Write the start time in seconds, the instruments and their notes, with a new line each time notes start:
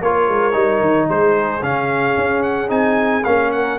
0.00 tuba A#3, trombone F4, horn A#4, trumpet C#5
0.28 tuba G#3
0.52 tuba G3, trombone D#4
0.80 tuba D#3
1.08 tuba G#3, horn G#4, trumpet C5
1.62 tuba C#3, trombone C#4, trumpet F5
2.17 tuba C#4
2.42 trumpet F#5
2.68 tuba C4, trombone D#4, trumpet G#5
3.24 tuba A#3, trombone C#4, trumpet F5
3.51 horn A#4, trumpet F#5